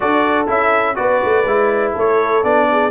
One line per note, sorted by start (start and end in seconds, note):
0.00 0.48 D4
0.00 0.47 F#4
0.00 0.96 A4
0.00 0.47 D5
0.47 0.97 C#4
0.47 0.95 E4
0.47 0.95 E5
0.95 1.23 B3
0.95 1.43 F#4
0.95 1.93 B4
0.95 1.93 D5
1.23 1.44 A3
1.44 1.93 G#3
1.44 2.43 E4
1.93 2.43 A3
1.93 2.66 A4
1.93 2.43 C#5
2.43 2.91 B3
2.43 2.91 D4
2.43 2.91 D5
2.71 2.91 G#4